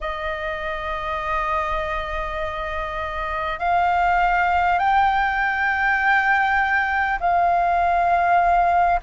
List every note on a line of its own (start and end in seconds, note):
0.01 3.59 D#5
3.59 4.78 F5
4.78 7.18 G5
7.20 9.00 F5